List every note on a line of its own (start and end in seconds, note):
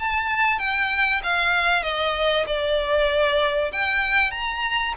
0.00 0.59 A5
0.59 1.22 G5
1.24 1.83 F5
1.83 2.46 D#5
2.47 3.72 D5
3.73 4.32 G5
4.32 4.94 A#5